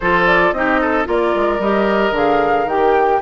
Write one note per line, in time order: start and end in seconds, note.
0.00 0.52 F3
0.00 0.55 F4
0.00 0.54 A4
0.00 0.25 C5
0.26 0.52 D5
0.52 1.05 C4
0.52 1.04 D#4
0.52 0.80 G4
0.52 1.06 D#5
0.80 1.07 A4
1.04 1.34 A#3
1.04 1.58 F4
1.04 3.22 A#4
1.04 1.61 D5
1.35 1.59 G#3
1.59 2.11 G3
1.59 2.13 G4
1.59 2.15 D#5
2.11 2.64 D3
2.11 2.67 G#4
2.11 2.68 F5
2.64 3.18 D#3
2.64 3.22 G4
2.64 3.22 G5